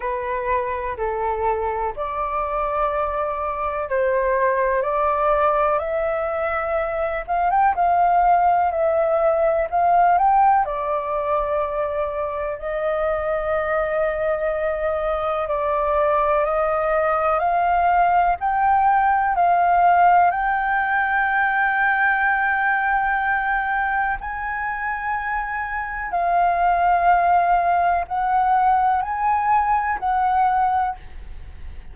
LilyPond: \new Staff \with { instrumentName = "flute" } { \time 4/4 \tempo 4 = 62 b'4 a'4 d''2 | c''4 d''4 e''4. f''16 g''16 | f''4 e''4 f''8 g''8 d''4~ | d''4 dis''2. |
d''4 dis''4 f''4 g''4 | f''4 g''2.~ | g''4 gis''2 f''4~ | f''4 fis''4 gis''4 fis''4 | }